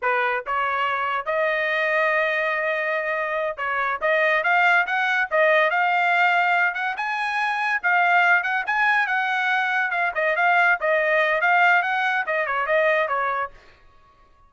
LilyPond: \new Staff \with { instrumentName = "trumpet" } { \time 4/4 \tempo 4 = 142 b'4 cis''2 dis''4~ | dis''1~ | dis''8 cis''4 dis''4 f''4 fis''8~ | fis''8 dis''4 f''2~ f''8 |
fis''8 gis''2 f''4. | fis''8 gis''4 fis''2 f''8 | dis''8 f''4 dis''4. f''4 | fis''4 dis''8 cis''8 dis''4 cis''4 | }